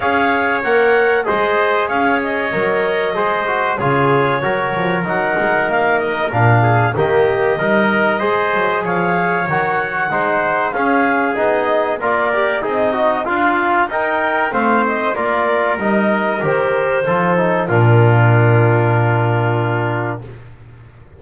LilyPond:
<<
  \new Staff \with { instrumentName = "clarinet" } { \time 4/4 \tempo 4 = 95 f''4 fis''4 dis''4 f''8 dis''8~ | dis''2 cis''2 | fis''4 f''8 dis''8 f''4 dis''4~ | dis''2 f''4 fis''4~ |
fis''4 f''4 dis''4 d''4 | dis''4 f''4 g''4 f''8 dis''8 | d''4 dis''4 c''2 | ais'1 | }
  \new Staff \with { instrumentName = "trumpet" } { \time 4/4 cis''2 c''4 cis''4~ | cis''4 c''4 gis'4 ais'4~ | ais'2~ ais'8 gis'8 g'4 | ais'4 c''4 cis''2 |
c''4 gis'2 ais'4 | dis'4 f'4 ais'4 c''4 | ais'2. a'4 | f'1 | }
  \new Staff \with { instrumentName = "trombone" } { \time 4/4 gis'4 ais'4 gis'2 | ais'4 gis'8 fis'8 f'4 fis'4 | dis'2 d'4 ais4 | dis'4 gis'2 fis'4 |
dis'4 cis'4 dis'4 f'8 g'8 | gis'8 fis'8 f'4 dis'4 c'4 | f'4 dis'4 g'4 f'8 dis'8 | d'1 | }
  \new Staff \with { instrumentName = "double bass" } { \time 4/4 cis'4 ais4 gis4 cis'4 | fis4 gis4 cis4 fis8 f8 | fis8 gis8 ais4 ais,4 dis4 | g4 gis8 fis8 f4 dis4 |
gis4 cis'4 b4 ais4 | c'4 d'4 dis'4 a4 | ais4 g4 dis4 f4 | ais,1 | }
>>